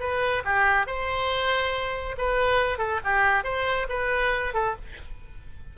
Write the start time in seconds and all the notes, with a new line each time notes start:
0.00 B4
0.45 G4
0.87 C5
2.18 B4
2.78 A4
3.04 G4
3.44 C5
3.89 B4
4.54 A4